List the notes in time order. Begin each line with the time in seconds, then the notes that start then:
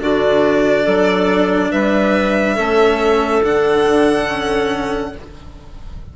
0.00 D3 D4 F#4 D5
0.83 F#3 A4
1.71 G3 B4 E5
2.55 A3 C#4 A4
3.42 D3 D4 F#5
4.29 C#4